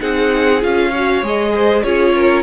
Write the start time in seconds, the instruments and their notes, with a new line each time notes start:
0.00 cello C4, viola D#4, violin G#4 F#5
0.61 cello C#4, viola F4, violin F5
0.90 viola F#4, violin C#5
1.22 cello G#3, viola G#4, violin D#5
1.55 violin C5
1.84 cello C#4, viola F4, violin G#4 C#5
2.15 violin A#4